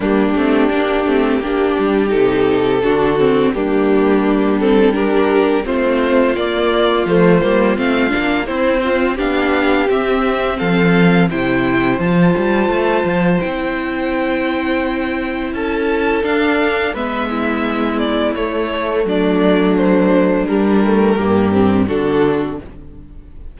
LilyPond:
<<
  \new Staff \with { instrumentName = "violin" } { \time 4/4 \tempo 4 = 85 g'2. a'4~ | a'4 g'4. a'8 ais'4 | c''4 d''4 c''4 f''4 | c''4 f''4 e''4 f''4 |
g''4 a''2 g''4~ | g''2 a''4 f''4 | e''4. d''8 cis''4 d''4 | c''4 ais'2 a'4 | }
  \new Staff \with { instrumentName = "violin" } { \time 4/4 d'2 g'2 | fis'4 d'2 g'4 | f'1 | e'8 f'8 g'2 a'4 |
c''1~ | c''2 a'2 | b'8 e'2~ e'8 d'4~ | d'2 g'4 fis'4 | }
  \new Staff \with { instrumentName = "viola" } { \time 4/4 ais8 c'8 d'8 c'8 d'4 dis'4 | d'8 c'8 ais4. c'8 d'4 | c'4 ais4 a8 ais8 c'8 d'8 | c'4 d'4 c'2 |
e'4 f'2 e'4~ | e'2. d'4 | b2 a2~ | a4 g8 a8 ais8 c'8 d'4 | }
  \new Staff \with { instrumentName = "cello" } { \time 4/4 g8 a8 ais8 a8 ais8 g8 c4 | d4 g2. | a4 ais4 f8 g8 a8 ais8 | c'4 b4 c'4 f4 |
c4 f8 g8 a8 f8 c'4~ | c'2 cis'4 d'4 | gis2 a4 fis4~ | fis4 g4 g,4 d4 | }
>>